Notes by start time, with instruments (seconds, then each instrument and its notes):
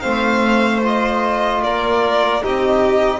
0.00 double bass A3, trombone C4, violin C5 F5
0.82 trombone F4, violin D#5
1.63 double bass A#3, violin A#4 D5
2.41 double bass C4, trombone D#4, violin G4 D#5